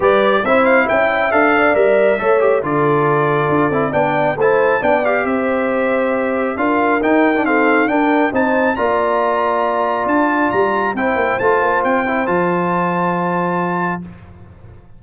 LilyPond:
<<
  \new Staff \with { instrumentName = "trumpet" } { \time 4/4 \tempo 4 = 137 d''4 e''8 f''8 g''4 f''4 | e''2 d''2~ | d''4 g''4 a''4 g''8 f''8 | e''2. f''4 |
g''4 f''4 g''4 a''4 | ais''2. a''4 | ais''4 g''4 a''4 g''4 | a''1 | }
  \new Staff \with { instrumentName = "horn" } { \time 4/4 b'4 c''4 e''4. d''8~ | d''4 cis''4 a'2~ | a'4 d''4 c''4 d''4 | c''2. ais'4~ |
ais'4 a'4 ais'4 c''4 | d''1~ | d''4 c''2.~ | c''1 | }
  \new Staff \with { instrumentName = "trombone" } { \time 4/4 g'4 e'2 a'4 | ais'4 a'8 g'8 f'2~ | f'8 e'8 d'4 e'4 d'8 g'8~ | g'2. f'4 |
dis'8. d'16 c'4 d'4 dis'4 | f'1~ | f'4 e'4 f'4. e'8 | f'1 | }
  \new Staff \with { instrumentName = "tuba" } { \time 4/4 g4 c'4 cis'4 d'4 | g4 a4 d2 | d'8 c'8 b4 a4 b4 | c'2. d'4 |
dis'2 d'4 c'4 | ais2. d'4 | g4 c'8 ais8 a8 ais8 c'4 | f1 | }
>>